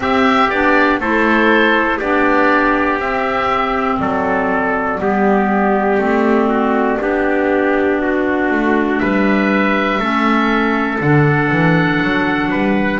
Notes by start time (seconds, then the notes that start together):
0.00 C4 G4 E5
0.49 B3 D4 D5
0.99 A3 E4 A4 C5
1.97 B3 D4 G4 D5
2.99 C4 E5
3.99 F#3 A4 D5
4.99 G3 B3 G4
5.97 A3 C4
6.48 F#4
7.00 B3 D4 G4
8.01 F#4
8.50 A3
8.98 G3 B4 E5
9.98 A3 C#4 A4
11.00 D3 D4 F#5
11.51 E3
12.03 F#3
12.50 G3 B4